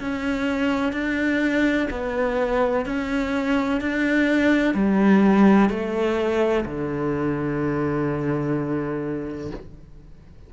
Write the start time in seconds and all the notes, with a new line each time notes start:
0.00 C#4
0.92 D4
1.90 B3
2.86 C#4
3.81 D4
4.74 G3
5.70 A3
6.65 D3